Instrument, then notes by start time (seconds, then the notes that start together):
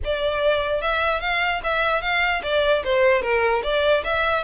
violin
0.04 D5
0.81 E5
1.20 F5
1.63 E5
2.01 F5
2.42 D5
2.84 C5
3.22 A#4
3.63 D5
4.04 E5